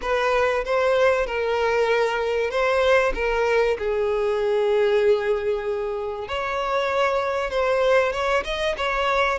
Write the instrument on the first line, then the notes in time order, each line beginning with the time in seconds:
violin
0.01 B4
0.64 C5
1.26 A#4
2.50 C5
3.14 A#4
3.78 G#4
6.28 C#5
7.50 C5
8.12 C#5
8.44 D#5
8.77 C#5